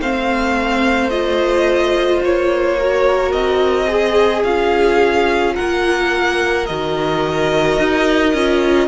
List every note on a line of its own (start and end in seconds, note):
0.00 2.22 A3
0.00 1.11 C4
0.00 2.79 C5
0.00 1.10 F5
1.10 2.78 F4
1.10 2.21 D#5
2.23 3.34 A#3
2.23 3.32 C#5
2.79 3.90 F#4
2.79 3.88 A#4
3.32 4.44 C4
3.32 4.44 D#5
3.88 5.54 G#4
3.88 4.45 G#4
4.44 5.56 C#4
4.44 6.67 F4
4.44 5.56 F5
5.55 6.70 A#3
5.55 8.88 A#4
5.55 6.66 F#5
6.66 7.79 D#3
6.66 8.36 F#4
6.66 8.89 D#5
7.79 8.34 D#4
8.34 8.89 C#4
8.34 8.89 F4